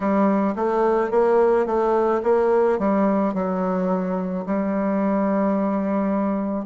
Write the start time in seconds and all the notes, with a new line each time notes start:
0.00 G3
0.56 A3
1.11 A#3
1.66 A3
2.23 A#3
2.78 G3
3.34 F#3
4.45 G3